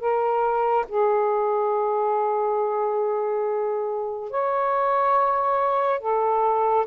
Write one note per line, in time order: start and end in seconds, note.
0.00 0.86 A#4
0.88 4.31 G#4
4.31 6.00 C#5
6.00 6.86 A4